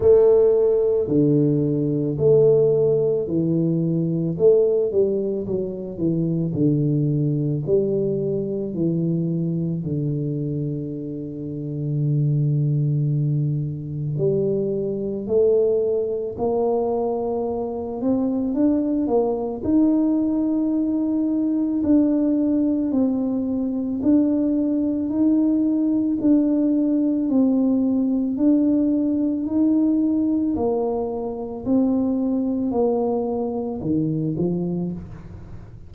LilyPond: \new Staff \with { instrumentName = "tuba" } { \time 4/4 \tempo 4 = 55 a4 d4 a4 e4 | a8 g8 fis8 e8 d4 g4 | e4 d2.~ | d4 g4 a4 ais4~ |
ais8 c'8 d'8 ais8 dis'2 | d'4 c'4 d'4 dis'4 | d'4 c'4 d'4 dis'4 | ais4 c'4 ais4 dis8 f8 | }